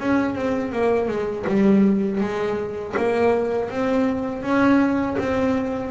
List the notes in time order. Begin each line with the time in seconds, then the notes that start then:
0.00 C#4
0.35 C4
0.73 A#3
1.08 G#3
1.47 G3
2.21 G#3
2.98 A#3
3.71 C4
4.43 C#4
5.19 C4